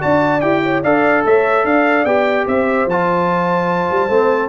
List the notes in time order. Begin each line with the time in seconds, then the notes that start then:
0.00 D4 F#4 D5 A5
0.41 E4 G4 G5
0.63 C#5
0.83 D4 A4 D5 F5
1.25 A3 C#5 E5
1.65 D4 D5 F5
2.05 B3 G4 G5
2.47 C4 C5 E5
2.86 F3 F4 A5
3.91 G3
4.09 A3 C4